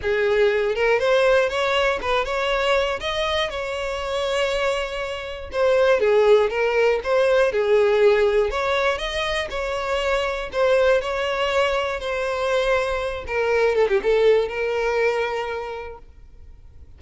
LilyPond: \new Staff \with { instrumentName = "violin" } { \time 4/4 \tempo 4 = 120 gis'4. ais'8 c''4 cis''4 | b'8 cis''4. dis''4 cis''4~ | cis''2. c''4 | gis'4 ais'4 c''4 gis'4~ |
gis'4 cis''4 dis''4 cis''4~ | cis''4 c''4 cis''2 | c''2~ c''8 ais'4 a'16 g'16 | a'4 ais'2. | }